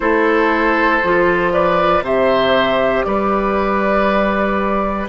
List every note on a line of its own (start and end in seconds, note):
0.00 1.02 A3
0.00 1.01 E4
0.00 1.53 A4
0.00 1.51 C5
1.03 2.01 F3
1.03 2.03 F4
1.52 2.04 B4
1.52 2.03 D5
2.01 3.03 C3
2.01 5.08 G4
2.01 3.05 C5
2.01 3.03 E5
3.03 5.08 G3
3.03 5.08 B4
3.03 5.07 D5